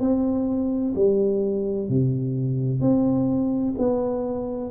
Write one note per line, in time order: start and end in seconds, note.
0.00 0.94 C4
0.95 1.89 G3
1.89 2.81 C3
2.81 3.75 C4
3.78 4.71 B3